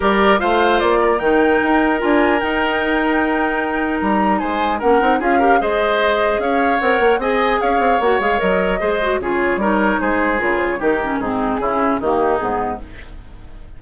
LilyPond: <<
  \new Staff \with { instrumentName = "flute" } { \time 4/4 \tempo 4 = 150 d''4 f''4 d''4 g''4~ | g''4 gis''4 g''2~ | g''2 ais''4 gis''4 | fis''4 f''4 dis''2 |
f''4 fis''4 gis''4 f''4 | fis''8 f''8 dis''2 cis''4~ | cis''4 c''4 ais'8 c''16 cis''16 ais'4 | gis'2 g'4 gis'4 | }
  \new Staff \with { instrumentName = "oboe" } { \time 4/4 ais'4 c''4. ais'4.~ | ais'1~ | ais'2. c''4 | ais'4 gis'8 ais'8 c''2 |
cis''2 dis''4 cis''4~ | cis''2 c''4 gis'4 | ais'4 gis'2 g'4 | dis'4 e'4 dis'2 | }
  \new Staff \with { instrumentName = "clarinet" } { \time 4/4 g'4 f'2 dis'4~ | dis'4 f'4 dis'2~ | dis'1 | cis'8 dis'8 f'8 g'8 gis'2~ |
gis'4 ais'4 gis'2 | fis'8 gis'8 ais'4 gis'8 fis'8 f'4 | dis'2 f'4 dis'8 cis'8 | c'4 cis'4 ais4 b4 | }
  \new Staff \with { instrumentName = "bassoon" } { \time 4/4 g4 a4 ais4 dis4 | dis'4 d'4 dis'2~ | dis'2 g4 gis4 | ais8 c'8 cis'4 gis2 |
cis'4 c'8 ais8 c'4 cis'8 c'8 | ais8 gis8 fis4 gis4 cis4 | g4 gis4 cis4 dis4 | gis,4 cis4 dis4 gis,4 | }
>>